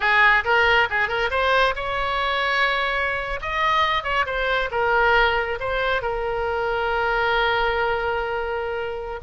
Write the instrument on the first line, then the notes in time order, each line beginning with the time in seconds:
oboe
0.00 G#4
0.44 A#4
0.89 G#4
1.08 A#4
1.30 C5
1.75 C#5
3.41 D#5
4.03 C#5
4.25 C5
4.71 A#4
5.60 C5
6.02 A#4